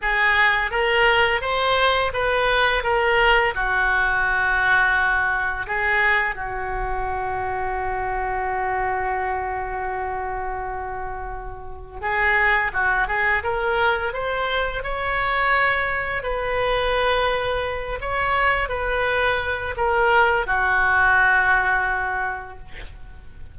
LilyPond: \new Staff \with { instrumentName = "oboe" } { \time 4/4 \tempo 4 = 85 gis'4 ais'4 c''4 b'4 | ais'4 fis'2. | gis'4 fis'2.~ | fis'1~ |
fis'4 gis'4 fis'8 gis'8 ais'4 | c''4 cis''2 b'4~ | b'4. cis''4 b'4. | ais'4 fis'2. | }